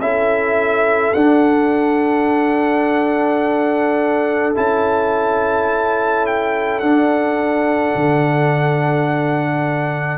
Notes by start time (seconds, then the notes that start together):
0.00 C#4 E4 A4 E5
1.14 D4 F#5
4.55 C#4 E4 A5
6.26 G5
6.80 D4 F#5
7.95 D3